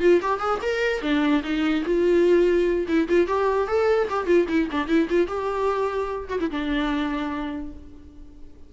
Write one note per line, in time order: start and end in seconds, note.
0.00 0.20 F4
0.22 0.40 G4
0.40 0.60 G#4
0.62 1.02 A#4
1.02 1.42 D4
1.43 1.84 D#4
1.85 2.86 F4
2.88 3.08 E4
3.08 3.27 F4
3.27 3.68 G4
3.68 4.08 A4
4.10 4.26 G4
4.26 4.46 F4
4.48 4.69 E4
4.71 4.88 D4
4.88 5.08 E4
5.10 5.27 F4
5.27 6.29 G4
6.29 6.39 F#4
6.40 6.50 E4
6.51 7.72 D4